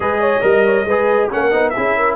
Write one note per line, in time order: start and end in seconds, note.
0.00 0.39 G#3
0.00 0.41 G#4
0.00 0.20 B4
0.00 1.30 D#5
0.20 0.42 C#5
0.41 0.85 G3
0.41 0.84 A#4
0.41 0.63 D#5
0.65 0.86 C#5
0.85 1.28 G#3
0.85 1.30 G#4
0.85 1.30 B4
1.30 1.52 A#3
1.30 1.51 C#4
1.30 1.75 A#4
1.30 1.69 F#5
1.51 1.74 B3
1.51 1.73 D#4
1.69 2.13 E5
1.76 2.16 C#4
1.76 2.16 E4
1.76 1.96 G#4
1.96 2.16 A#4